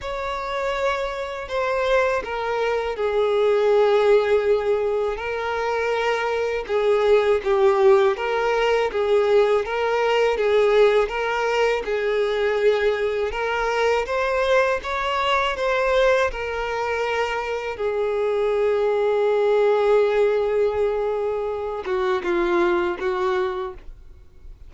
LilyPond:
\new Staff \with { instrumentName = "violin" } { \time 4/4 \tempo 4 = 81 cis''2 c''4 ais'4 | gis'2. ais'4~ | ais'4 gis'4 g'4 ais'4 | gis'4 ais'4 gis'4 ais'4 |
gis'2 ais'4 c''4 | cis''4 c''4 ais'2 | gis'1~ | gis'4. fis'8 f'4 fis'4 | }